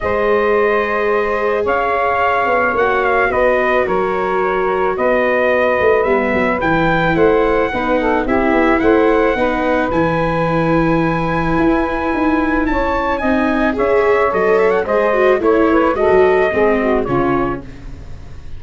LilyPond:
<<
  \new Staff \with { instrumentName = "trumpet" } { \time 4/4 \tempo 4 = 109 dis''2. f''4~ | f''4 fis''8 f''8 dis''4 cis''4~ | cis''4 dis''2 e''4 | g''4 fis''2 e''4 |
fis''2 gis''2~ | gis''2. a''4 | gis''4 e''4 dis''8 e''16 fis''16 dis''4 | cis''4 dis''2 cis''4 | }
  \new Staff \with { instrumentName = "saxophone" } { \time 4/4 c''2. cis''4~ | cis''2 b'4 ais'4~ | ais'4 b'2.~ | b'4 c''4 b'8 a'8 g'4 |
c''4 b'2.~ | b'2. cis''4 | dis''4 cis''2 c''4 | cis''8 b'8 a'4 gis'8 fis'8 f'4 | }
  \new Staff \with { instrumentName = "viola" } { \time 4/4 gis'1~ | gis'4 fis'2.~ | fis'2. b4 | e'2 dis'4 e'4~ |
e'4 dis'4 e'2~ | e'1 | dis'4 gis'4 a'4 gis'8 fis'8 | e'4 fis'4 c'4 cis'4 | }
  \new Staff \with { instrumentName = "tuba" } { \time 4/4 gis2. cis'4~ | cis'8 b8 ais4 b4 fis4~ | fis4 b4. a8 g8 fis8 | e4 a4 b4 c'8 b8 |
a4 b4 e2~ | e4 e'4 dis'4 cis'4 | c'4 cis'4 fis4 gis4 | a4 gis16 fis8. gis4 cis4 | }
>>